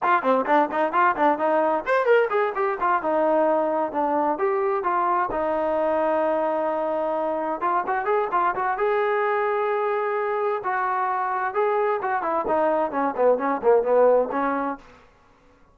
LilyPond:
\new Staff \with { instrumentName = "trombone" } { \time 4/4 \tempo 4 = 130 f'8 c'8 d'8 dis'8 f'8 d'8 dis'4 | c''8 ais'8 gis'8 g'8 f'8 dis'4.~ | dis'8 d'4 g'4 f'4 dis'8~ | dis'1~ |
dis'8 f'8 fis'8 gis'8 f'8 fis'8 gis'4~ | gis'2. fis'4~ | fis'4 gis'4 fis'8 e'8 dis'4 | cis'8 b8 cis'8 ais8 b4 cis'4 | }